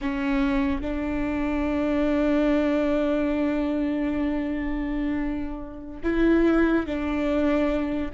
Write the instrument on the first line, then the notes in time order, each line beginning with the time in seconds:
viola
0.01 C#4
0.81 D4
6.03 E4
6.86 D4